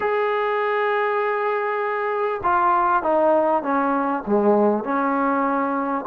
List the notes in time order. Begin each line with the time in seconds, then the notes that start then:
0.00 G#4
2.43 F4
3.02 D#4
3.62 C#4
4.26 G#3
4.83 C#4